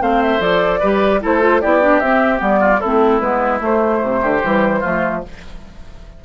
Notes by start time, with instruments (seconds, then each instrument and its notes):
0.00 bassoon A3, clarinet C4, oboe C5, flute F5
0.22 flute E5
0.39 bassoon F3, clarinet A4, flute D5
0.80 bassoon G3, clarinet G4, oboe B4
1.21 bassoon A3, clarinet E4, oboe A4, flute C5
1.41 clarinet F4
1.61 bassoon B3, clarinet E4, oboe G4, flute D5
1.81 clarinet D4
2.00 bassoon C4, clarinet C4, flute E5
2.37 bassoon G3, clarinet B3
2.43 flute D5
2.60 oboe F4
2.80 bassoon A3, clarinet C4, oboe E4, flute A4
3.21 bassoon G#3, clarinet B3, flute B4
3.59 clarinet A3, bassoon A3, flute C5
4.03 bassoon C3
4.21 bassoon D3, oboe G4
4.43 bassoon E3, clarinet G3
4.80 bassoon F3, clarinet A3, oboe F4